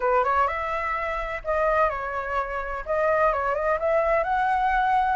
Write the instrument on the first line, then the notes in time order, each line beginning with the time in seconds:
flute
0.00 B4
0.24 C#5
0.47 E5
1.44 D#5
1.89 C#5
2.85 D#5
3.32 C#5
3.54 D#5
3.79 E5
4.23 F#5